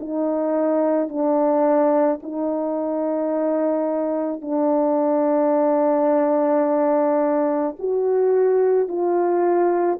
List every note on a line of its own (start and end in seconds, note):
0.00 1.09 D#4
1.09 2.20 D4
2.23 4.42 D#4
4.42 7.75 D4
7.79 8.88 F#4
8.88 9.99 F4